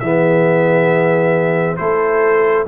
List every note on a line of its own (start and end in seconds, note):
0.00 1.78 E3
0.00 1.78 B3
0.00 1.79 G#4
0.00 1.76 E5
1.77 2.68 A3
1.77 2.67 E4
1.77 2.68 A4
1.77 2.65 C5